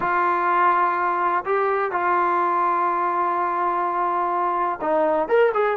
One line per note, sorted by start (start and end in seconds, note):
0.00 1.44 F4
1.45 1.91 G4
1.91 4.79 F4
4.81 5.28 D#4
5.28 5.52 A#4
5.54 5.77 G#4